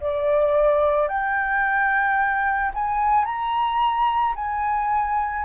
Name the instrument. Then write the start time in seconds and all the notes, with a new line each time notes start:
flute
0.00 D5
1.08 G5
2.74 G#5
3.25 A#5
4.35 G#5